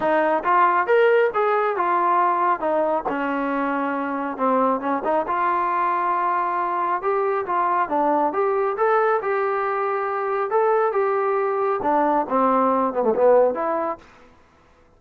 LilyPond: \new Staff \with { instrumentName = "trombone" } { \time 4/4 \tempo 4 = 137 dis'4 f'4 ais'4 gis'4 | f'2 dis'4 cis'4~ | cis'2 c'4 cis'8 dis'8 | f'1 |
g'4 f'4 d'4 g'4 | a'4 g'2. | a'4 g'2 d'4 | c'4. b16 a16 b4 e'4 | }